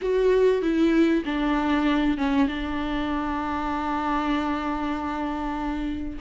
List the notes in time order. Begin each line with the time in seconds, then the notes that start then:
0.01 F#4
0.62 E4
1.25 D4
2.17 C#4
2.47 D4